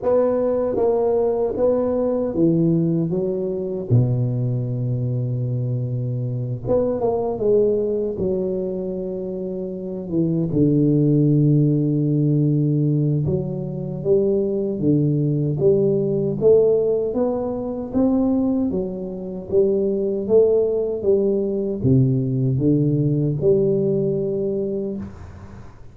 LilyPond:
\new Staff \with { instrumentName = "tuba" } { \time 4/4 \tempo 4 = 77 b4 ais4 b4 e4 | fis4 b,2.~ | b,8 b8 ais8 gis4 fis4.~ | fis4 e8 d2~ d8~ |
d4 fis4 g4 d4 | g4 a4 b4 c'4 | fis4 g4 a4 g4 | c4 d4 g2 | }